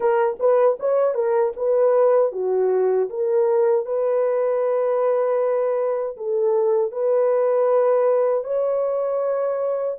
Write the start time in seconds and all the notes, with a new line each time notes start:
0.00 A#4
0.39 B4
0.79 C#5
1.14 A#4
1.56 B4
2.32 F#4
3.09 A#4
3.85 B4
6.16 A4
6.91 B4
8.44 C#5